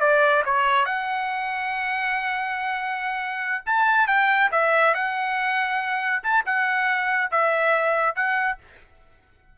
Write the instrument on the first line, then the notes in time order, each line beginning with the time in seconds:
trumpet
0.00 D5
0.45 C#5
0.85 F#5
3.66 A5
4.07 G5
4.51 E5
4.94 F#5
6.23 A5
6.46 F#5
7.31 E5
8.15 F#5